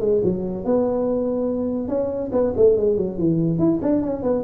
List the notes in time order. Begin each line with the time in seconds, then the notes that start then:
0.00 G#3
0.24 F#3
0.64 B3
1.88 C#4
2.32 B3
2.56 A3
2.76 G#3
2.97 F#3
3.17 E3
3.58 E4
3.81 D4
4.02 C#4
4.22 B3